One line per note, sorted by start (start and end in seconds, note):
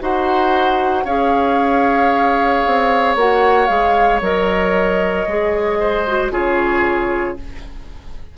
0.00 1.05 D#4
0.00 1.05 F#4
0.00 1.05 C5
0.00 1.06 F#5
1.05 2.63 C#4
1.05 3.18 G#4
1.05 5.79 C#5
1.05 3.16 F5
2.67 3.15 C4
3.15 3.68 A#3
3.15 3.67 F#4
3.15 3.67 F#5
3.67 4.21 G#3
3.67 4.20 G#4
3.67 4.20 F5
4.21 5.27 F#3
4.21 5.27 A#4
4.21 6.32 D#5
5.27 6.31 G#3
5.27 6.07 G#4
5.80 6.32 C5
6.07 6.32 F#4
6.31 7.36 C#3
6.31 7.37 F4
6.31 7.37 G#4
6.31 7.37 C#5